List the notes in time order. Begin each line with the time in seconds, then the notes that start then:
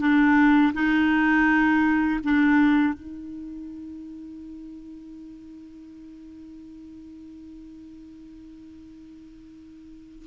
0.00 D4
0.74 D#4
2.24 D4
2.94 D#4